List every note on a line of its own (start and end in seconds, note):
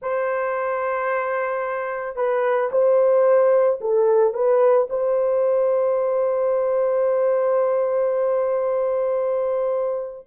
0.02 2.15 C5
2.15 2.70 B4
2.71 3.79 C5
3.81 4.33 A4
4.33 4.87 B4
4.89 10.27 C5